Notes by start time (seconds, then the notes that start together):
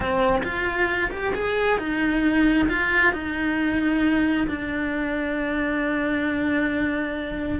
0.00 C4
0.43 F4
1.11 G4
1.34 G#4
1.78 D#4
2.68 F4
3.12 D#4
4.47 D4